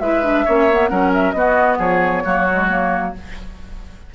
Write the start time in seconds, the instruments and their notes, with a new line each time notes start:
0.00 bassoon G#3, clarinet E4, oboe B4, flute E5
0.24 clarinet D4
0.45 bassoon A#3, clarinet C#4, oboe C#5
0.71 clarinet B3
0.89 bassoon F#3, clarinet C#4, oboe A#4, flute F#5
1.14 flute E5
1.32 bassoon B3, clarinet B3, oboe F#4, flute D#5
1.78 bassoon F3, oboe G#4, flute C#5
2.24 bassoon F#3, clarinet A#3, oboe F#4
2.50 clarinet G#3
2.69 clarinet A#3